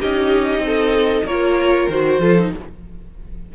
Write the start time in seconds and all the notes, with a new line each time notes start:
0.00 C#4 D#4 G4 D#5
0.59 C4
0.66 A4
1.24 A#3 F4 A#4 C#5
1.89 D#3 F#4 C5
2.19 F3 F4 A4
2.39 D#4